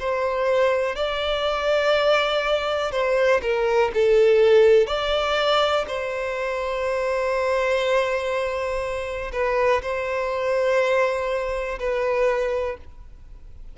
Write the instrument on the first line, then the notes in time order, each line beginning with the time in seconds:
violin
0.00 C5
0.96 D5
2.92 C5
3.42 A#4
3.94 A4
4.87 D5
5.88 C5
9.33 B4
9.83 C5
11.79 B4